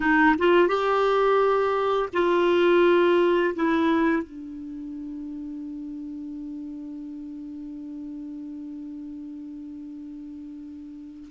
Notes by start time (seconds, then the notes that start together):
0.00 D#4
0.38 F4
0.68 G4
2.13 F4
3.55 E4
4.22 D4